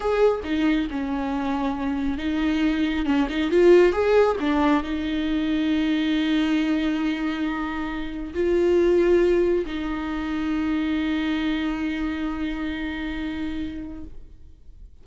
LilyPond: \new Staff \with { instrumentName = "viola" } { \time 4/4 \tempo 4 = 137 gis'4 dis'4 cis'2~ | cis'4 dis'2 cis'8 dis'8 | f'4 gis'4 d'4 dis'4~ | dis'1~ |
dis'2. f'4~ | f'2 dis'2~ | dis'1~ | dis'1 | }